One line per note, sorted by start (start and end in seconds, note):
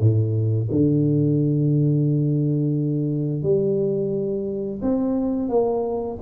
0.00 0.69 A2
0.71 3.43 D3
3.43 4.81 G3
4.82 5.49 C4
5.49 6.18 A#3